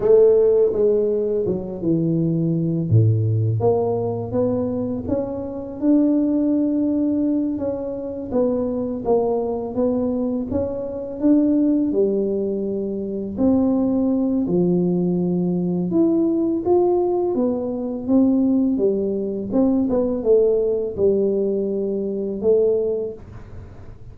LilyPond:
\new Staff \with { instrumentName = "tuba" } { \time 4/4 \tempo 4 = 83 a4 gis4 fis8 e4. | a,4 ais4 b4 cis'4 | d'2~ d'8 cis'4 b8~ | b8 ais4 b4 cis'4 d'8~ |
d'8 g2 c'4. | f2 e'4 f'4 | b4 c'4 g4 c'8 b8 | a4 g2 a4 | }